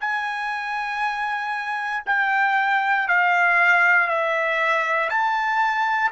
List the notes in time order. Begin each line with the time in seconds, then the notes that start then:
0.00 G#5
2.06 G5
3.08 F5
4.08 E5
5.09 A5